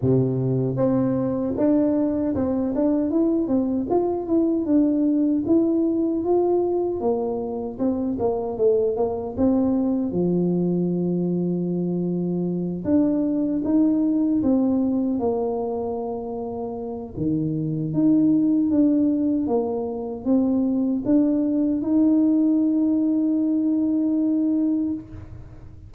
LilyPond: \new Staff \with { instrumentName = "tuba" } { \time 4/4 \tempo 4 = 77 c4 c'4 d'4 c'8 d'8 | e'8 c'8 f'8 e'8 d'4 e'4 | f'4 ais4 c'8 ais8 a8 ais8 | c'4 f2.~ |
f8 d'4 dis'4 c'4 ais8~ | ais2 dis4 dis'4 | d'4 ais4 c'4 d'4 | dis'1 | }